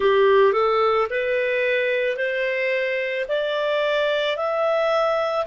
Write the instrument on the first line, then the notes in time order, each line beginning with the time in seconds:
clarinet
0.00 G4
0.53 A4
1.10 B4
2.16 C5
3.28 D5
4.36 E5